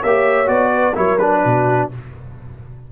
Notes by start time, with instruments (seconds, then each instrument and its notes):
0.00 tuba A#3, horn C#5, trumpet E5
0.06 trombone G4
0.46 tuba B3, trombone F#4, trumpet D5
0.74 horn B4
0.94 tuba F#3, trombone E4, horn A#4, trumpet C#5
1.18 trombone D4, trumpet B4
1.44 tuba B2, horn F#4